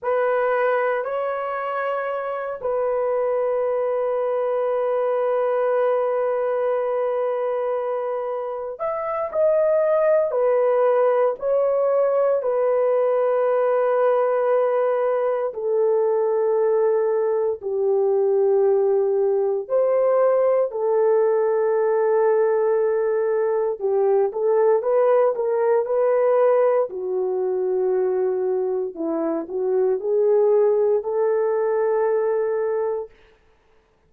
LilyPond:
\new Staff \with { instrumentName = "horn" } { \time 4/4 \tempo 4 = 58 b'4 cis''4. b'4.~ | b'1~ | b'8 e''8 dis''4 b'4 cis''4 | b'2. a'4~ |
a'4 g'2 c''4 | a'2. g'8 a'8 | b'8 ais'8 b'4 fis'2 | e'8 fis'8 gis'4 a'2 | }